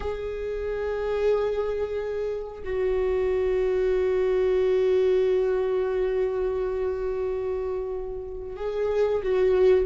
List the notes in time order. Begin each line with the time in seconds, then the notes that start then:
0.00 G#4
2.63 F#4
8.56 G#4
9.22 F#4